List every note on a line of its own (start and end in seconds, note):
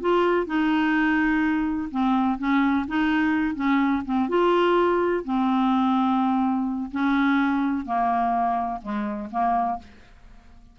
0.00 0.46 F4
0.46 1.89 D#4
1.91 2.38 C4
2.38 2.86 C#4
2.87 3.55 D#4
3.55 4.03 C#4
4.05 4.29 C4
4.29 5.24 F4
5.24 6.91 C4
6.92 7.85 C#4
7.85 8.81 A#3
8.82 9.29 G#3
9.31 9.79 A#3